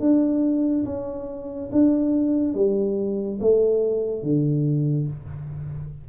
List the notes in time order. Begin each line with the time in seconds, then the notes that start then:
0.00 D4
0.85 C#4
1.72 D4
2.54 G3
3.40 A3
4.23 D3